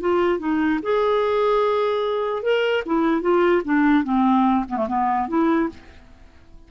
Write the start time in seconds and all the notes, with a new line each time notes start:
0.00 F4
0.39 D#4
0.82 G#4
2.42 A#4
2.85 E4
3.21 F4
3.64 D4
4.03 C4
4.69 B3
4.76 A3
4.88 B3
5.28 E4